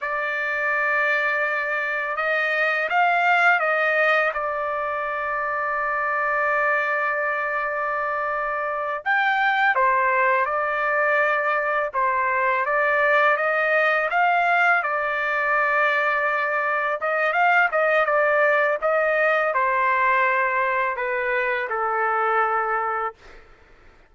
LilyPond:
\new Staff \with { instrumentName = "trumpet" } { \time 4/4 \tempo 4 = 83 d''2. dis''4 | f''4 dis''4 d''2~ | d''1~ | d''8 g''4 c''4 d''4.~ |
d''8 c''4 d''4 dis''4 f''8~ | f''8 d''2. dis''8 | f''8 dis''8 d''4 dis''4 c''4~ | c''4 b'4 a'2 | }